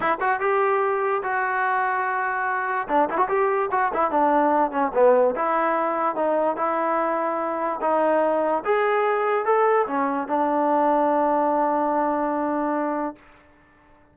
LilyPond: \new Staff \with { instrumentName = "trombone" } { \time 4/4 \tempo 4 = 146 e'8 fis'8 g'2 fis'4~ | fis'2. d'8 e'16 fis'16 | g'4 fis'8 e'8 d'4. cis'8 | b4 e'2 dis'4 |
e'2. dis'4~ | dis'4 gis'2 a'4 | cis'4 d'2.~ | d'1 | }